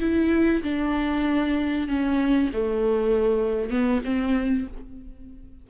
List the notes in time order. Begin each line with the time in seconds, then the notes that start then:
0.00 E4
0.63 D4
1.88 C#4
2.53 A3
3.70 B3
4.05 C4